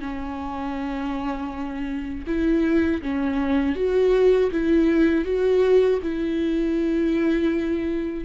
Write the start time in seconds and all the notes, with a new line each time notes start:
0.00 C#4
2.26 E4
3.02 C#4
3.75 F#4
4.51 E4
5.24 F#4
6.02 E4